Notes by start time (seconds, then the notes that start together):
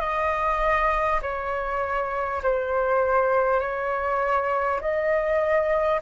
0.00 D#5
1.22 C#5
2.43 C5
3.61 C#5
4.81 D#5